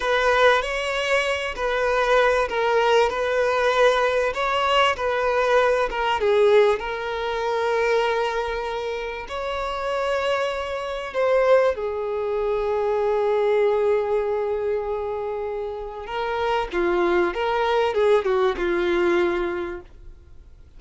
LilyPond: \new Staff \with { instrumentName = "violin" } { \time 4/4 \tempo 4 = 97 b'4 cis''4. b'4. | ais'4 b'2 cis''4 | b'4. ais'8 gis'4 ais'4~ | ais'2. cis''4~ |
cis''2 c''4 gis'4~ | gis'1~ | gis'2 ais'4 f'4 | ais'4 gis'8 fis'8 f'2 | }